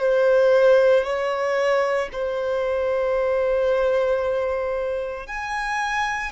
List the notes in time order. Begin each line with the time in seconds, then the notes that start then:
0.00 C5
1.04 C#5
2.12 C5
5.27 G#5